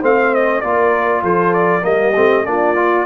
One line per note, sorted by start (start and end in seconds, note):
0.00 0.62 A3
0.00 0.63 C4
0.00 0.61 C5
0.00 0.34 F5
0.34 0.61 D#5
0.61 1.23 A#3
0.61 1.82 F4
0.61 1.23 A#4
0.61 1.22 D5
1.23 1.84 F3
1.23 1.84 A4
1.23 1.53 C5
1.53 1.84 D5
1.82 2.15 G3
1.82 2.12 A#3
1.82 2.47 G4
1.82 2.45 D#5
2.15 2.46 A3
2.15 2.45 C4
2.45 3.05 A#3
2.45 2.76 D4
2.45 3.05 F4
2.45 3.05 D5
2.76 3.05 F4